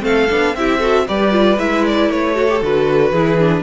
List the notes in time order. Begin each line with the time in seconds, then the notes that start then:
0.00 A3 C4 A4 F5
0.29 B3 D4
0.55 C4 E4 G4 E5
0.79 F#4 A4
1.07 G3 G4 B4 D5
1.31 F4
1.58 G#3 E4 E5
1.86 D5
2.09 A3 C#5
2.35 F#4 A4
2.49 G4
2.61 D3 F#4 B4
3.11 E3 E4 G#4
3.39 D4